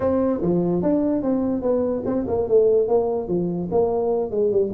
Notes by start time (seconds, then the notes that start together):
0.00 C4
0.41 F3
0.82 D4
1.22 C4
1.62 B3
2.05 C4
2.27 A#3
2.48 A3
2.87 A#3
3.28 F3
3.71 A#3
4.31 G#3
4.51 G3